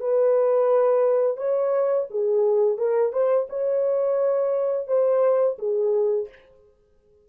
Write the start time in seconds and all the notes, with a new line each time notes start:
0.00 B4
1.37 C#5
2.10 G#4
2.77 A#4
3.13 C5
3.49 C#5
4.87 C5
5.59 G#4